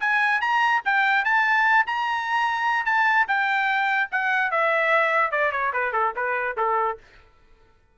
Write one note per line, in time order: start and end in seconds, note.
0.00 0.41 G#5
0.41 0.81 A#5
0.84 1.24 G5
1.24 1.86 A5
1.86 2.85 A#5
2.85 3.26 A5
3.27 4.09 G5
4.11 4.50 F#5
4.50 5.31 E5
5.31 5.51 D5
5.51 5.72 C#5
5.73 5.92 B4
5.92 6.13 A4
6.15 6.56 B4
6.56 6.97 A4